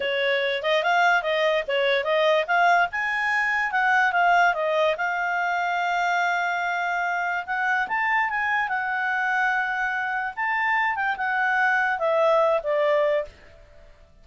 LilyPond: \new Staff \with { instrumentName = "clarinet" } { \time 4/4 \tempo 4 = 145 cis''4. dis''8 f''4 dis''4 | cis''4 dis''4 f''4 gis''4~ | gis''4 fis''4 f''4 dis''4 | f''1~ |
f''2 fis''4 a''4 | gis''4 fis''2.~ | fis''4 a''4. g''8 fis''4~ | fis''4 e''4. d''4. | }